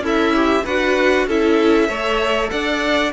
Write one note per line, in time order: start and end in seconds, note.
0.00 0.62 C#4
0.00 0.65 E4
0.00 0.35 A4
0.06 0.66 E5
0.35 0.66 G4
0.65 1.27 D4
0.65 1.30 F#4
0.65 1.26 B4
0.65 1.28 F#5
1.27 1.89 C#4
1.27 1.89 E4
1.27 1.89 A4
1.27 2.50 E5
1.89 2.51 A3
1.89 3.13 A4
1.89 2.51 C#5
2.50 3.14 D4
2.50 3.14 D5
2.50 3.12 F#5